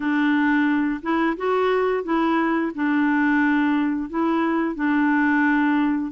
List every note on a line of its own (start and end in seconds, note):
0.00 1.00 D4
1.02 1.36 E4
1.36 2.03 F#4
2.03 2.71 E4
2.74 4.09 D4
4.09 4.75 E4
4.75 6.11 D4